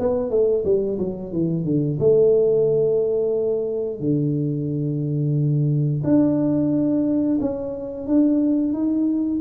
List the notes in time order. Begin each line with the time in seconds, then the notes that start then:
0.00 B3
0.31 A3
0.65 G3
0.99 F#3
1.33 E3
1.65 D3
2.00 A3
4.01 D3
6.04 D4
7.41 C#4
8.07 D4
8.74 D#4